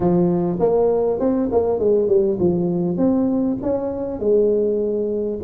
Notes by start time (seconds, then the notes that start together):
0.00 F3
0.59 A#3
1.19 C4
1.51 A#3
1.79 G#3
2.08 G3
2.39 F3
2.97 C4
3.62 C#4
4.19 G#3